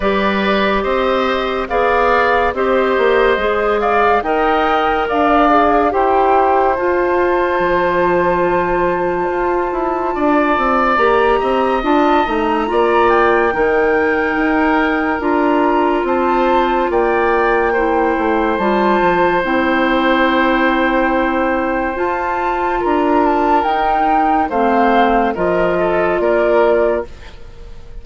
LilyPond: <<
  \new Staff \with { instrumentName = "flute" } { \time 4/4 \tempo 4 = 71 d''4 dis''4 f''4 dis''4~ | dis''8 f''8 g''4 f''4 g''4 | a''1~ | a''4 ais''4 a''8 ais''4 g''8~ |
g''2 ais''4 a''4 | g''2 a''4 g''4~ | g''2 a''4 ais''8 a''8 | g''4 f''4 dis''4 d''4 | }
  \new Staff \with { instrumentName = "oboe" } { \time 4/4 b'4 c''4 d''4 c''4~ | c''8 d''8 dis''4 d''4 c''4~ | c''1 | d''4. dis''4. d''4 |
ais'2. c''4 | d''4 c''2.~ | c''2. ais'4~ | ais'4 c''4 ais'8 a'8 ais'4 | }
  \new Staff \with { instrumentName = "clarinet" } { \time 4/4 g'2 gis'4 g'4 | gis'4 ais'4. gis'8 g'4 | f'1~ | f'4 g'4 f'8 dis'8 f'4 |
dis'2 f'2~ | f'4 e'4 f'4 e'4~ | e'2 f'2 | dis'4 c'4 f'2 | }
  \new Staff \with { instrumentName = "bassoon" } { \time 4/4 g4 c'4 b4 c'8 ais8 | gis4 dis'4 d'4 e'4 | f'4 f2 f'8 e'8 | d'8 c'8 ais8 c'8 d'8 a8 ais4 |
dis4 dis'4 d'4 c'4 | ais4. a8 g8 f8 c'4~ | c'2 f'4 d'4 | dis'4 a4 f4 ais4 | }
>>